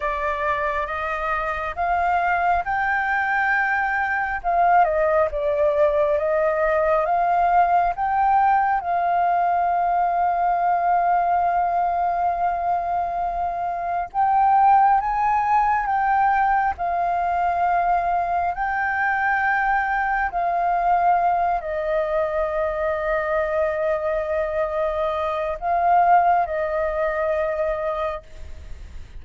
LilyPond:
\new Staff \with { instrumentName = "flute" } { \time 4/4 \tempo 4 = 68 d''4 dis''4 f''4 g''4~ | g''4 f''8 dis''8 d''4 dis''4 | f''4 g''4 f''2~ | f''1 |
g''4 gis''4 g''4 f''4~ | f''4 g''2 f''4~ | f''8 dis''2.~ dis''8~ | dis''4 f''4 dis''2 | }